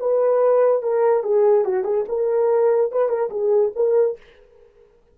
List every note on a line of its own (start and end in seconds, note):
0.00 0.83 B4
0.83 1.23 A#4
1.23 1.65 G#4
1.65 1.84 F#4
1.84 2.05 G#4
2.09 2.92 A#4
2.92 3.09 B4
3.09 3.30 A#4
3.30 3.72 G#4
3.76 4.17 A#4